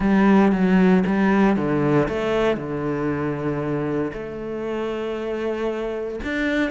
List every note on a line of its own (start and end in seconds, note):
0.00 0.51 G3
0.51 1.03 F#3
1.06 1.56 G3
1.56 2.08 D3
2.08 2.57 A3
2.57 4.12 D3
4.13 6.20 A3
6.24 6.70 D4